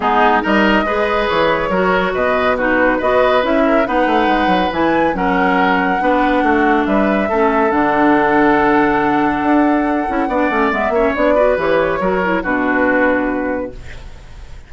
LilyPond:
<<
  \new Staff \with { instrumentName = "flute" } { \time 4/4 \tempo 4 = 140 gis'4 dis''2 cis''4~ | cis''4 dis''4 b'4 dis''4 | e''4 fis''2 gis''4 | fis''1 |
e''2 fis''2~ | fis''1~ | fis''4 e''4 d''4 cis''4~ | cis''4 b'2. | }
  \new Staff \with { instrumentName = "oboe" } { \time 4/4 dis'4 ais'4 b'2 | ais'4 b'4 fis'4 b'4~ | b'8 ais'8 b'2. | ais'2 b'4 fis'4 |
b'4 a'2.~ | a'1 | d''4. cis''4 b'4. | ais'4 fis'2. | }
  \new Staff \with { instrumentName = "clarinet" } { \time 4/4 b4 dis'4 gis'2 | fis'2 dis'4 fis'4 | e'4 dis'2 e'4 | cis'2 d'2~ |
d'4 cis'4 d'2~ | d'2.~ d'8 e'8 | d'8 cis'8 b8 cis'8 d'8 fis'8 g'4 | fis'8 e'8 d'2. | }
  \new Staff \with { instrumentName = "bassoon" } { \time 4/4 gis4 g4 gis4 e4 | fis4 b,2 b4 | cis'4 b8 a8 gis8 fis8 e4 | fis2 b4 a4 |
g4 a4 d2~ | d2 d'4. cis'8 | b8 a8 gis8 ais8 b4 e4 | fis4 b,2. | }
>>